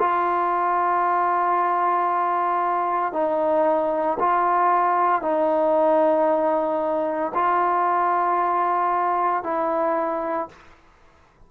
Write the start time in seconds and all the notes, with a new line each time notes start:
0.00 F4
3.13 D#4
4.20 F4
5.22 D#4
7.34 F4
9.44 E4